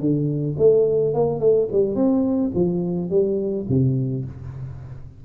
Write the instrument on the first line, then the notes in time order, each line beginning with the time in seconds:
tuba
0.00 D3
0.58 A3
1.14 A#3
1.40 A3
1.72 G3
1.95 C4
2.55 F3
3.10 G3
3.69 C3